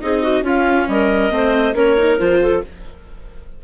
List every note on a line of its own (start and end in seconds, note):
0.00 0.41 C4
0.00 0.44 D#4
0.00 0.22 G#4
0.00 0.43 D#5
0.22 0.43 F#4
0.41 0.85 C#4
0.41 1.30 C#4
0.41 0.87 F4
0.41 0.88 F5
0.88 1.31 G3
0.88 1.33 A#4
0.88 1.75 D#5
1.30 1.74 A3
1.30 1.73 C4
1.30 1.75 C5
1.74 2.17 A#3
1.74 1.97 C#4
1.74 2.40 A#4
1.74 2.18 C#5
1.97 2.19 D#4
2.18 2.63 F3
2.18 2.62 F4
2.18 2.61 C5
2.42 2.63 A4